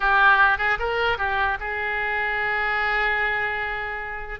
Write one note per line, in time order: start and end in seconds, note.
0.00 0.58 G4
0.58 0.78 G#4
0.79 1.18 A#4
1.18 1.58 G4
1.60 4.40 G#4